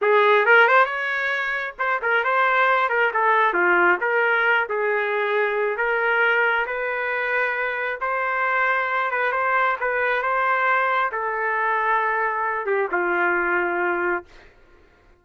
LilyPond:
\new Staff \with { instrumentName = "trumpet" } { \time 4/4 \tempo 4 = 135 gis'4 ais'8 c''8 cis''2 | c''8 ais'8 c''4. ais'8 a'4 | f'4 ais'4. gis'4.~ | gis'4 ais'2 b'4~ |
b'2 c''2~ | c''8 b'8 c''4 b'4 c''4~ | c''4 a'2.~ | a'8 g'8 f'2. | }